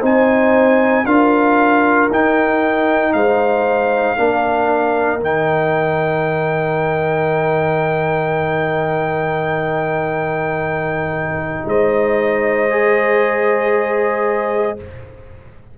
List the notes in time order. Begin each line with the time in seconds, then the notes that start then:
0.00 C4 D#4 C5 G#5
1.05 D4 F4 A#4 F5
2.11 D#4 G5
3.13 G#3 C5 F5
4.17 A#3 D4 A#4
5.20 D#3 D#4 G5
11.66 G#3 C5 D#5
12.70 G#4